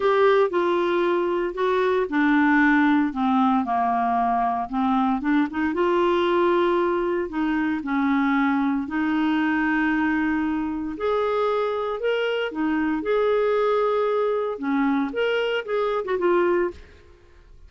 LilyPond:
\new Staff \with { instrumentName = "clarinet" } { \time 4/4 \tempo 4 = 115 g'4 f'2 fis'4 | d'2 c'4 ais4~ | ais4 c'4 d'8 dis'8 f'4~ | f'2 dis'4 cis'4~ |
cis'4 dis'2.~ | dis'4 gis'2 ais'4 | dis'4 gis'2. | cis'4 ais'4 gis'8. fis'16 f'4 | }